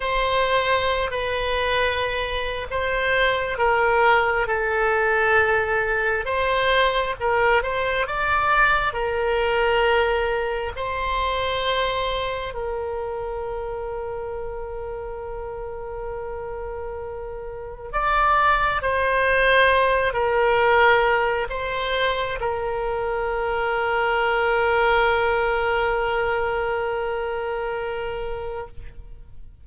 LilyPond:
\new Staff \with { instrumentName = "oboe" } { \time 4/4 \tempo 4 = 67 c''4~ c''16 b'4.~ b'16 c''4 | ais'4 a'2 c''4 | ais'8 c''8 d''4 ais'2 | c''2 ais'2~ |
ais'1 | d''4 c''4. ais'4. | c''4 ais'2.~ | ais'1 | }